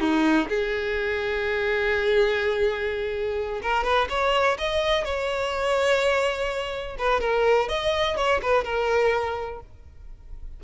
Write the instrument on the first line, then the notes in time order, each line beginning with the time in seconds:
violin
0.00 D#4
0.49 G#4
3.62 A#4
3.84 B4
4.09 C#5
4.58 D#5
5.05 C#5
6.98 B4
7.21 A#4
7.68 D#5
8.17 C#5
8.42 B4
8.64 A#4